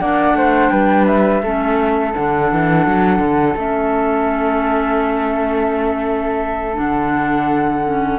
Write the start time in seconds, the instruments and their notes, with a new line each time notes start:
0.00 cello A#3, clarinet D4, flute D5 F#5
0.34 cello A3, flute C5
0.69 cello G3, flute B4 G5
1.06 flute E5
1.42 cello A3, clarinet C#4, flute A4
2.14 cello D3, clarinet D4, flute F#5
2.52 cello E3
2.87 cello F#3
3.19 cello D3
3.56 cello A3, clarinet C#4, flute E5
6.74 cello D3, clarinet D4, flute F#5
7.86 clarinet C#4